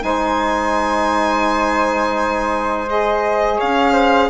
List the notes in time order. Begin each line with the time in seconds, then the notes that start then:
0.00 G#3 D#4 C5 G#5
2.89 G#4 D#5
3.56 C#4 C#5 F5
3.92 C5